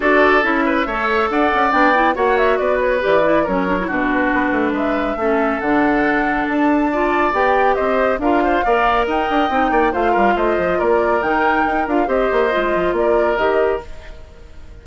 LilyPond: <<
  \new Staff \with { instrumentName = "flute" } { \time 4/4 \tempo 4 = 139 d''4 e''2 fis''4 | g''4 fis''8 e''8 d''8 cis''8 d''4 | cis''4 b'2 e''4~ | e''4 fis''2 a''4~ |
a''4 g''4 dis''4 f''4~ | f''4 g''2 f''4 | dis''4 d''4 g''4. f''8 | dis''2 d''4 dis''4 | }
  \new Staff \with { instrumentName = "oboe" } { \time 4/4 a'4. b'8 cis''4 d''4~ | d''4 cis''4 b'2 | ais'4 fis'2 b'4 | a'1 |
d''2 c''4 ais'8 c''8 | d''4 dis''4. d''8 c''8 ais'8 | c''4 ais'2. | c''2 ais'2 | }
  \new Staff \with { instrumentName = "clarinet" } { \time 4/4 fis'4 e'4 a'2 | d'8 e'8 fis'2 g'8 e'8 | cis'8 d'16 e'16 d'2. | cis'4 d'2. |
f'4 g'2 f'4 | ais'2 dis'4 f'4~ | f'2 dis'4. f'8 | g'4 f'2 g'4 | }
  \new Staff \with { instrumentName = "bassoon" } { \time 4/4 d'4 cis'4 a4 d'8 cis'8 | b4 ais4 b4 e4 | fis4 b,4 b8 a8 gis4 | a4 d2 d'4~ |
d'4 b4 c'4 d'4 | ais4 dis'8 d'8 c'8 ais8 a8 g8 | a8 f8 ais4 dis4 dis'8 d'8 | c'8 ais8 gis8 f8 ais4 dis4 | }
>>